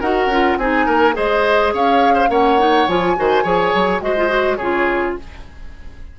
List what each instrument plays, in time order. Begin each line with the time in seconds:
0.00 bassoon D#4, clarinet F#4, oboe A#4, flute F#5
0.26 bassoon C#4, clarinet F4
0.58 bassoon C4, clarinet D#4, oboe G#4, flute G#5
0.86 bassoon A#3, oboe A#4
1.12 bassoon G#3, clarinet G#4, oboe C5, flute D#5
1.73 bassoon C#4, oboe C#5, flute F5
2.14 oboe C5
2.29 bassoon A#3, clarinet C#4, oboe C#5, flute F#5
2.58 clarinet D#4
2.87 bassoon F3, clarinet F4, flute G#5
3.16 bassoon D#3, clarinet F#4, oboe C5
3.43 bassoon F3, clarinet G#4, oboe C#5
3.74 bassoon F#3
4.01 bassoon G#3, clarinet F#4, oboe C5, flute D#5
4.16 clarinet F4
4.28 clarinet F#4
4.56 bassoon C#3, clarinet F4, oboe G#4, flute C#5